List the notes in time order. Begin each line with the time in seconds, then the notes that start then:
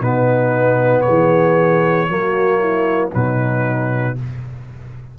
0.00 B2 B3 D#4 B4
1.01 G#4 C#5
1.08 E3
2.08 F#3 A#3 F#4
2.59 E4
3.12 B2 F#3 D#4 B4